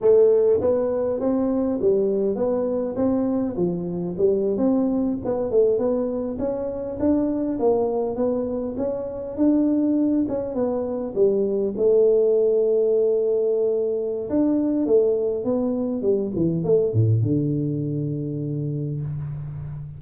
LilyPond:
\new Staff \with { instrumentName = "tuba" } { \time 4/4 \tempo 4 = 101 a4 b4 c'4 g4 | b4 c'4 f4 g8. c'16~ | c'8. b8 a8 b4 cis'4 d'16~ | d'8. ais4 b4 cis'4 d'16~ |
d'4~ d'16 cis'8 b4 g4 a16~ | a1 | d'4 a4 b4 g8 e8 | a8 a,8 d2. | }